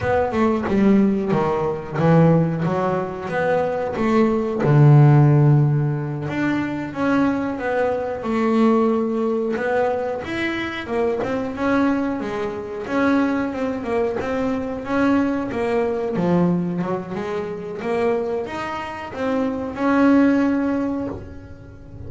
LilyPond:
\new Staff \with { instrumentName = "double bass" } { \time 4/4 \tempo 4 = 91 b8 a8 g4 dis4 e4 | fis4 b4 a4 d4~ | d4. d'4 cis'4 b8~ | b8 a2 b4 e'8~ |
e'8 ais8 c'8 cis'4 gis4 cis'8~ | cis'8 c'8 ais8 c'4 cis'4 ais8~ | ais8 f4 fis8 gis4 ais4 | dis'4 c'4 cis'2 | }